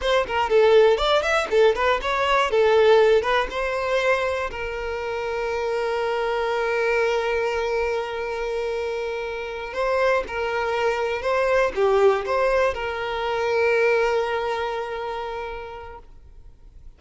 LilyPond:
\new Staff \with { instrumentName = "violin" } { \time 4/4 \tempo 4 = 120 c''8 ais'8 a'4 d''8 e''8 a'8 b'8 | cis''4 a'4. b'8 c''4~ | c''4 ais'2.~ | ais'1~ |
ais'2.~ ais'8 c''8~ | c''8 ais'2 c''4 g'8~ | g'8 c''4 ais'2~ ais'8~ | ais'1 | }